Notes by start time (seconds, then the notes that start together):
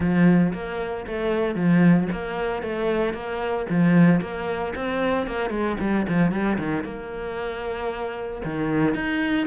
0.00 F3
0.53 A#3
1.06 A3
1.55 F3
2.12 A#3
2.62 A3
3.13 A#3
3.69 F3
4.21 A#3
4.75 C4
5.27 A#3
5.50 G#3
5.79 G3
6.08 F3
6.31 G3
6.58 D#3
6.84 A#3
8.44 D#3
8.94 D#4